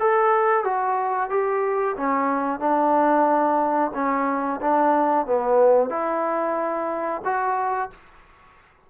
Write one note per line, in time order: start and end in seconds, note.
0.00 0.64 A4
0.64 1.30 F#4
1.30 1.96 G4
1.97 2.60 C#4
2.60 3.92 D4
3.94 4.60 C#4
4.61 5.26 D4
5.26 5.90 B3
5.90 7.22 E4
7.25 7.91 F#4